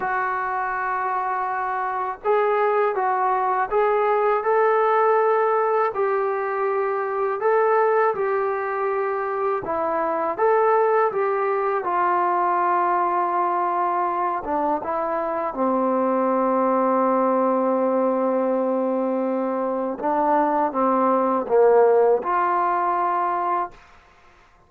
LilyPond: \new Staff \with { instrumentName = "trombone" } { \time 4/4 \tempo 4 = 81 fis'2. gis'4 | fis'4 gis'4 a'2 | g'2 a'4 g'4~ | g'4 e'4 a'4 g'4 |
f'2.~ f'8 d'8 | e'4 c'2.~ | c'2. d'4 | c'4 ais4 f'2 | }